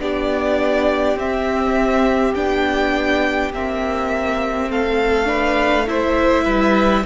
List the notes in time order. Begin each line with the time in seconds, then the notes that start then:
0.00 B3 D4 G4 D5
1.16 C4 E5
2.35 B3 D4 G5
3.53 A#3 C4 E5
4.69 A3 A4 F5
5.25 D4 B4
5.87 E4 C5 E5
6.45 G3 B4